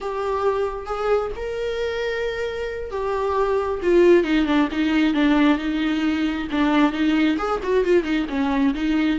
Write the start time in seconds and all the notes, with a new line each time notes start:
0.00 G4
0.86 G#4
1.36 A#4
2.90 G4
3.82 F4
4.24 D#4
4.46 D4
4.71 D#4
5.14 D4
5.58 D#4
6.51 D4
6.92 D#4
7.38 G#4
7.63 F#4
7.84 F4
8.03 D#4
8.29 C#4
8.74 D#4